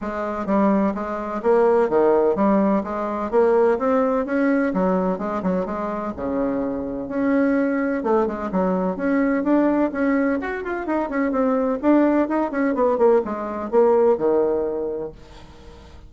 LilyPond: \new Staff \with { instrumentName = "bassoon" } { \time 4/4 \tempo 4 = 127 gis4 g4 gis4 ais4 | dis4 g4 gis4 ais4 | c'4 cis'4 fis4 gis8 fis8 | gis4 cis2 cis'4~ |
cis'4 a8 gis8 fis4 cis'4 | d'4 cis'4 fis'8 f'8 dis'8 cis'8 | c'4 d'4 dis'8 cis'8 b8 ais8 | gis4 ais4 dis2 | }